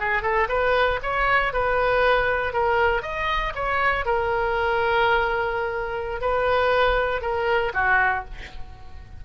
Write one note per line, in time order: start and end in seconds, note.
0.00 0.23 G#4
0.23 0.48 A4
0.49 1.00 B4
1.03 1.53 C#5
1.53 2.53 B4
2.53 3.03 A#4
3.03 3.53 D#5
3.55 4.06 C#5
4.06 6.21 A#4
6.21 7.22 B4
7.22 7.73 A#4
7.74 8.25 F#4